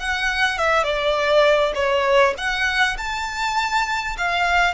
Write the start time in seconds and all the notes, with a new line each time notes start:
0.00 F#5
0.58 E5
0.84 D5
1.75 C#5
2.38 F#5
2.98 A5
4.18 F5